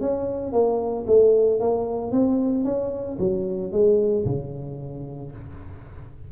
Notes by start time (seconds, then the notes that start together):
0.00 C#4
0.52 A#3
1.06 A3
1.60 A#3
2.11 C4
2.64 C#4
3.19 F#3
3.72 G#3
4.25 C#3